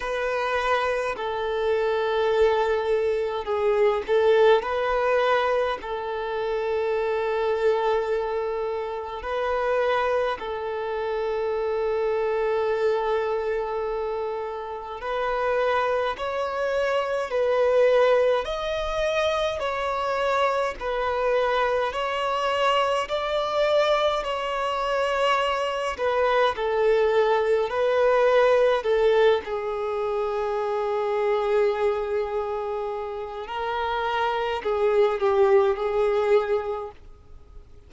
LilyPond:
\new Staff \with { instrumentName = "violin" } { \time 4/4 \tempo 4 = 52 b'4 a'2 gis'8 a'8 | b'4 a'2. | b'4 a'2.~ | a'4 b'4 cis''4 b'4 |
dis''4 cis''4 b'4 cis''4 | d''4 cis''4. b'8 a'4 | b'4 a'8 gis'2~ gis'8~ | gis'4 ais'4 gis'8 g'8 gis'4 | }